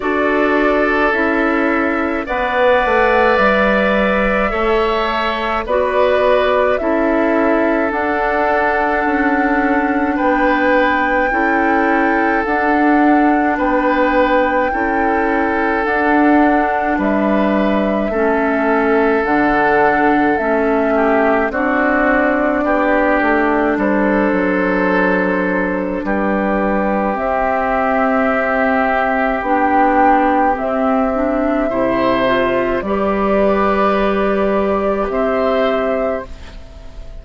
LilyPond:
<<
  \new Staff \with { instrumentName = "flute" } { \time 4/4 \tempo 4 = 53 d''4 e''4 fis''4 e''4~ | e''4 d''4 e''4 fis''4~ | fis''4 g''2 fis''4 | g''2 fis''4 e''4~ |
e''4 fis''4 e''4 d''4~ | d''4 c''2 b'4 | e''2 g''4 e''4~ | e''4 d''2 e''4 | }
  \new Staff \with { instrumentName = "oboe" } { \time 4/4 a'2 d''2 | cis''4 b'4 a'2~ | a'4 b'4 a'2 | b'4 a'2 b'4 |
a'2~ a'8 g'8 fis'4 | g'4 a'2 g'4~ | g'1 | c''4 b'2 c''4 | }
  \new Staff \with { instrumentName = "clarinet" } { \time 4/4 fis'4 e'4 b'2 | a'4 fis'4 e'4 d'4~ | d'2 e'4 d'4~ | d'4 e'4 d'2 |
cis'4 d'4 cis'4 d'4~ | d'1 | c'2 d'4 c'8 d'8 | e'8 f'8 g'2. | }
  \new Staff \with { instrumentName = "bassoon" } { \time 4/4 d'4 cis'4 b8 a8 g4 | a4 b4 cis'4 d'4 | cis'4 b4 cis'4 d'4 | b4 cis'4 d'4 g4 |
a4 d4 a4 c'4 | b8 a8 g8 fis4. g4 | c'2 b4 c'4 | c4 g2 c'4 | }
>>